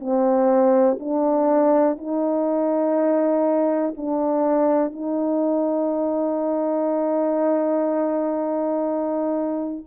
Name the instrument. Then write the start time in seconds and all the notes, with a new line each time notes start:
horn
0.00 C4
1.00 D4
1.98 D#4
3.97 D4
4.93 D#4